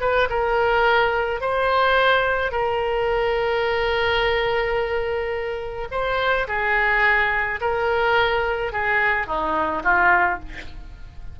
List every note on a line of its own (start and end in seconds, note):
0.00 0.28 B4
0.29 1.40 A#4
1.40 2.51 C5
2.51 5.88 A#4
5.91 6.47 C5
6.47 7.60 G#4
7.60 8.72 A#4
8.72 9.27 G#4
9.27 9.83 D#4
9.83 10.39 F4